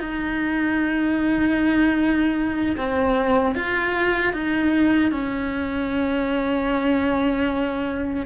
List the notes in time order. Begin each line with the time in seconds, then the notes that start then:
0.00 D#4
2.77 C4
3.55 F4
4.33 D#4
5.11 C#4